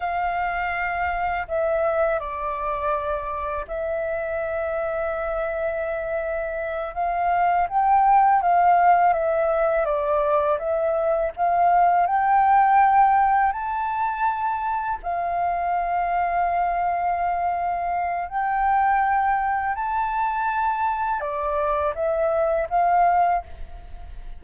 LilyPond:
\new Staff \with { instrumentName = "flute" } { \time 4/4 \tempo 4 = 82 f''2 e''4 d''4~ | d''4 e''2.~ | e''4. f''4 g''4 f''8~ | f''8 e''4 d''4 e''4 f''8~ |
f''8 g''2 a''4.~ | a''8 f''2.~ f''8~ | f''4 g''2 a''4~ | a''4 d''4 e''4 f''4 | }